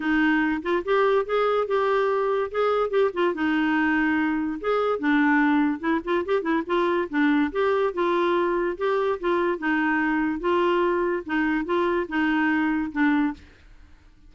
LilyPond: \new Staff \with { instrumentName = "clarinet" } { \time 4/4 \tempo 4 = 144 dis'4. f'8 g'4 gis'4 | g'2 gis'4 g'8 f'8 | dis'2. gis'4 | d'2 e'8 f'8 g'8 e'8 |
f'4 d'4 g'4 f'4~ | f'4 g'4 f'4 dis'4~ | dis'4 f'2 dis'4 | f'4 dis'2 d'4 | }